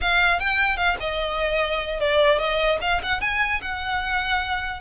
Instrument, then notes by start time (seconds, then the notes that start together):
violin
0.01 F5
0.39 G5
0.77 F5
0.99 D#5
2.00 D5
2.38 D#5
2.81 F5
3.02 F#5
3.20 G#5
3.61 F#5